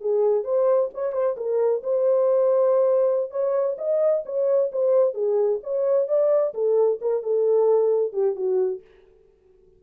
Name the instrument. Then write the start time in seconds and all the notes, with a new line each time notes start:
horn
0.00 G#4
0.44 C5
0.93 C#5
1.12 C5
1.36 A#4
1.83 C5
3.30 C#5
3.78 D#5
4.25 C#5
4.72 C5
5.13 G#4
5.63 C#5
6.07 D5
6.54 A4
7.01 A#4
7.22 A4
8.13 G4
8.35 F#4